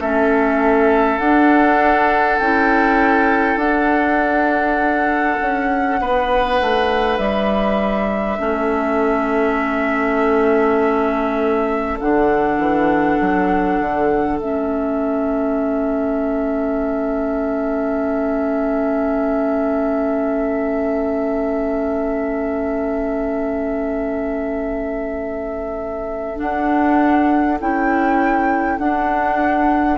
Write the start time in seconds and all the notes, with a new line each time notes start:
0.00 A3 C#4 A4 E5
1.19 D4 F#5
2.39 C#4 E4 G5
3.56 D4 F#5
5.42 C#4
6.01 B3 B4
6.61 A3
7.18 G3 E5
8.39 A3 C#4 A4
12.00 D3 D4 F#5
12.58 E3
13.21 F#3
13.80 D3
14.38 A3 C#4 E5
26.37 D4 F#5
27.61 C#4 E4 G5
28.79 D4 F#5